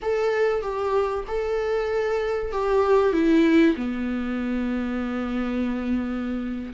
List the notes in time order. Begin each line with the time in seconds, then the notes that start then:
0.02 A4
0.61 G4
1.27 A4
2.51 G4
3.12 E4
3.76 B3